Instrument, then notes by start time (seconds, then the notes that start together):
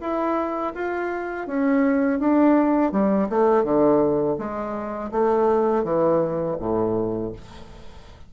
bassoon
0.00 E4
0.74 F4
1.47 C#4
2.20 D4
2.92 G3
3.29 A3
3.64 D3
4.38 G#3
5.11 A3
5.84 E3
6.59 A2